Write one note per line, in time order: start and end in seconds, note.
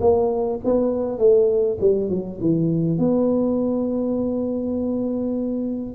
0.00 0.59 A#3
0.64 1.18 B3
1.18 1.77 A3
1.80 2.09 G3
2.09 2.39 F#3
2.41 2.98 E3
2.98 5.95 B3